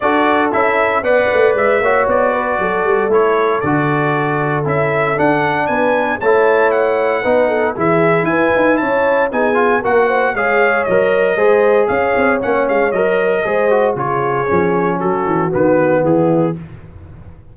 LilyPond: <<
  \new Staff \with { instrumentName = "trumpet" } { \time 4/4 \tempo 4 = 116 d''4 e''4 fis''4 e''4 | d''2 cis''4 d''4~ | d''4 e''4 fis''4 gis''4 | a''4 fis''2 e''4 |
gis''4 a''4 gis''4 fis''4 | f''4 dis''2 f''4 | fis''8 f''8 dis''2 cis''4~ | cis''4 a'4 b'4 gis'4 | }
  \new Staff \with { instrumentName = "horn" } { \time 4/4 a'2 d''4. cis''8~ | cis''8 b'8 a'2.~ | a'2. b'4 | cis''2 b'8 a'8 gis'4 |
b'4 cis''4 gis'4 ais'8 c''8 | cis''2 c''4 cis''4~ | cis''2 c''4 gis'4~ | gis'4 fis'2 e'4 | }
  \new Staff \with { instrumentName = "trombone" } { \time 4/4 fis'4 e'4 b'4. fis'8~ | fis'2 e'4 fis'4~ | fis'4 e'4 d'2 | e'2 dis'4 e'4~ |
e'2 dis'8 f'8 fis'4 | gis'4 ais'4 gis'2 | cis'4 ais'4 gis'8 fis'8 f'4 | cis'2 b2 | }
  \new Staff \with { instrumentName = "tuba" } { \time 4/4 d'4 cis'4 b8 a8 gis8 ais8 | b4 fis8 g8 a4 d4~ | d4 cis'4 d'4 b4 | a2 b4 e4 |
e'8 dis'8 cis'4 b4 ais4 | gis4 fis4 gis4 cis'8 c'8 | ais8 gis8 fis4 gis4 cis4 | f4 fis8 e8 dis4 e4 | }
>>